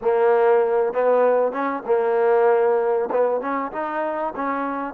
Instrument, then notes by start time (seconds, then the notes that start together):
trombone
0.01 A#3
0.93 B3
1.52 C#4
1.85 A#3
3.11 B3
3.40 C#4
3.71 D#4
4.35 C#4